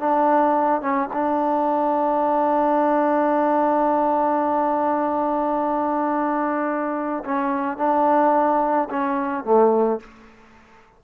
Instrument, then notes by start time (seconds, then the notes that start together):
trombone
0.00 D4
0.82 C#4
1.13 D4
7.25 C#4
7.78 D4
8.90 C#4
9.44 A3